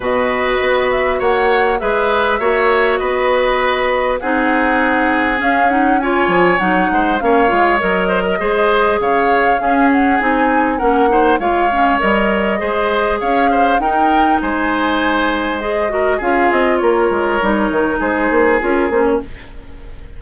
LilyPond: <<
  \new Staff \with { instrumentName = "flute" } { \time 4/4 \tempo 4 = 100 dis''4. e''8 fis''4 e''4~ | e''4 dis''2 fis''4~ | fis''4 f''8 fis''8 gis''4 fis''4 | f''4 dis''2 f''4~ |
f''8 fis''8 gis''4 fis''4 f''4 | dis''2 f''4 g''4 | gis''2 dis''4 f''8 dis''8 | cis''2 c''4 ais'8 c''16 cis''16 | }
  \new Staff \with { instrumentName = "oboe" } { \time 4/4 b'2 cis''4 b'4 | cis''4 b'2 gis'4~ | gis'2 cis''4. c''8 | cis''4. c''16 ais'16 c''4 cis''4 |
gis'2 ais'8 c''8 cis''4~ | cis''4 c''4 cis''8 c''8 ais'4 | c''2~ c''8 ais'8 gis'4 | ais'2 gis'2 | }
  \new Staff \with { instrumentName = "clarinet" } { \time 4/4 fis'2. gis'4 | fis'2. dis'4~ | dis'4 cis'8 dis'8 f'4 dis'4 | cis'8 f'8 ais'4 gis'2 |
cis'4 dis'4 cis'8 dis'8 f'8 cis'8 | ais'4 gis'2 dis'4~ | dis'2 gis'8 fis'8 f'4~ | f'4 dis'2 f'8 cis'8 | }
  \new Staff \with { instrumentName = "bassoon" } { \time 4/4 b,4 b4 ais4 gis4 | ais4 b2 c'4~ | c'4 cis'4. f8 fis8 gis8 | ais8 gis8 fis4 gis4 cis4 |
cis'4 c'4 ais4 gis4 | g4 gis4 cis'4 dis'4 | gis2. cis'8 c'8 | ais8 gis8 g8 dis8 gis8 ais8 cis'8 ais8 | }
>>